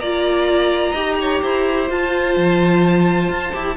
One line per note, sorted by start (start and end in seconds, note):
0.00 0.94 A#3
0.00 0.96 F4
0.00 0.92 D5
0.00 1.88 A#5
0.92 1.42 D#4
0.92 1.89 G4
0.92 1.16 D#5
1.21 1.42 C#5
1.42 1.90 E4
1.42 3.77 C5
1.89 3.54 F4
1.89 2.37 F4
1.89 3.77 A5
2.37 3.29 F3
3.29 3.53 F4
3.54 3.77 E4
3.54 3.77 G4